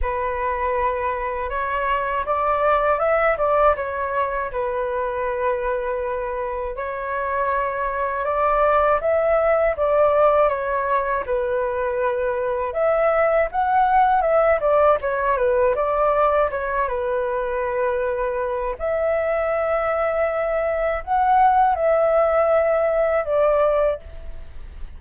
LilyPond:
\new Staff \with { instrumentName = "flute" } { \time 4/4 \tempo 4 = 80 b'2 cis''4 d''4 | e''8 d''8 cis''4 b'2~ | b'4 cis''2 d''4 | e''4 d''4 cis''4 b'4~ |
b'4 e''4 fis''4 e''8 d''8 | cis''8 b'8 d''4 cis''8 b'4.~ | b'4 e''2. | fis''4 e''2 d''4 | }